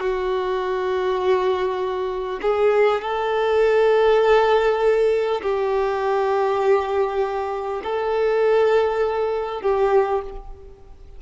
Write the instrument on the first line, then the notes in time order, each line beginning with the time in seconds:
violin
0.00 F#4
2.42 G#4
3.02 A4
5.42 G4
7.84 A4
9.62 G4